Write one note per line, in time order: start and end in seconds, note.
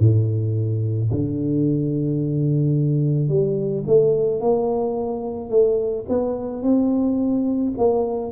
0.00 1.11 A2
1.12 3.29 D3
3.29 3.84 G3
3.87 4.41 A3
4.41 5.51 A#3
5.51 6.06 A3
6.09 6.63 B3
6.63 7.74 C4
7.78 8.32 A#3